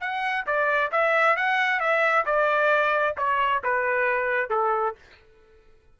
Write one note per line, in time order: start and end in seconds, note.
0.00 0.45 F#5
0.46 0.91 D5
0.91 1.36 E5
1.36 1.80 F#5
1.80 2.25 E5
2.25 3.15 D5
3.17 3.62 C#5
3.63 4.50 B4
4.50 4.95 A4